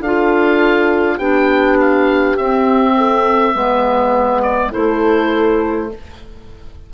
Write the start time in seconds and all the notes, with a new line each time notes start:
0.00 D4 F4 A4 F5
1.17 B3 D4 G4 G5
1.80 F5
2.37 C4 E5
2.97 A4
3.54 G#3 B3 B4
4.42 D5
4.71 A3 E4 A4 C5